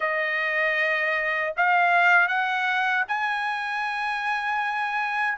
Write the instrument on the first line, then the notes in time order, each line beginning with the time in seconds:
trumpet
0.00 D#5
1.57 F5
2.28 F#5
3.08 G#5